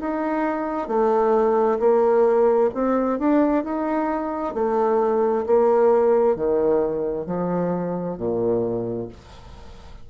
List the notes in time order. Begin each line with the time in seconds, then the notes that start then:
0.00 D#4
0.88 A3
1.79 A#3
2.74 C4
3.19 D4
3.64 D#4
4.55 A3
5.46 A#3
6.36 D#3
7.26 F3
8.18 A#2